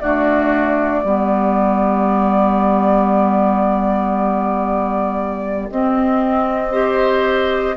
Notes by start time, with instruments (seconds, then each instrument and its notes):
0.00 clarinet A3, bassoon D4, oboe F#4, flute D5
1.04 bassoon G3, clarinet B3, oboe G4
5.70 bassoon C4, clarinet C4, flute D#5
6.71 clarinet G4, oboe C5